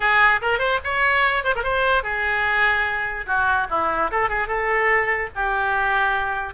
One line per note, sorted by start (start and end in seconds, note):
0.00 0.40 G#4
0.41 0.58 A#4
0.58 0.79 C5
0.84 1.44 C#5
1.44 1.54 C5
1.55 1.63 A#4
1.63 2.03 C5
2.03 3.25 G#4
3.26 3.67 F#4
3.70 4.10 E4
4.11 4.29 A4
4.29 4.47 G#4
4.47 5.29 A4
5.35 6.54 G4